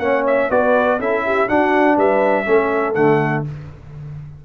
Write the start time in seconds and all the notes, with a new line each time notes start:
0.00 A#3 C#4 C#5 F#5
0.27 E5
0.50 B3 F#4 B4 D5
1.00 C#4 E4 A4 E5
1.26 G4
1.48 D4 F#4 F#5
1.96 G3 B4 E5
2.45 A3 C#4 A4
2.95 D3 A3 F#5